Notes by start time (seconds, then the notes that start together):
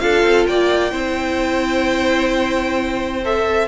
0.00 D4 F4 A4 F5
0.23 C4
0.48 A#3 D5 G5
0.91 C4 E4 C5
3.25 A4 E5